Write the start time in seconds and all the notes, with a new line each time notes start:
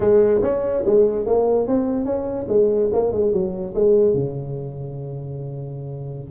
0.00 G#3
0.42 C#4
0.86 G#3
1.26 A#3
1.67 C4
2.05 C#4
2.48 G#3
2.92 A#3
3.12 G#3
3.32 F#3
3.74 G#3
4.14 C#3